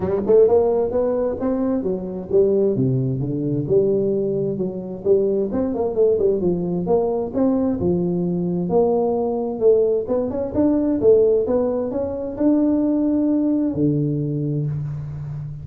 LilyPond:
\new Staff \with { instrumentName = "tuba" } { \time 4/4 \tempo 4 = 131 g8 a8 ais4 b4 c'4 | fis4 g4 c4 d4 | g2 fis4 g4 | c'8 ais8 a8 g8 f4 ais4 |
c'4 f2 ais4~ | ais4 a4 b8 cis'8 d'4 | a4 b4 cis'4 d'4~ | d'2 d2 | }